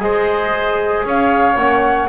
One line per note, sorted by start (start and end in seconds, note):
0.00 1.03 G#3
0.00 1.55 G#4
0.00 1.06 C5
0.00 1.05 D#5
1.05 1.56 C#4
1.05 2.09 C#5
1.05 1.57 F5
1.56 2.07 A#3
1.56 2.09 C#4
1.56 2.09 F#5